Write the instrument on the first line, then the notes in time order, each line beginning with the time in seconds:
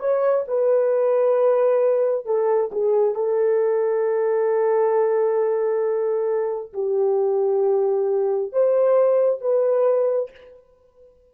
horn
0.00 C#5
0.48 B4
2.26 A4
2.72 G#4
3.15 A4
6.74 G4
8.53 C5
9.42 B4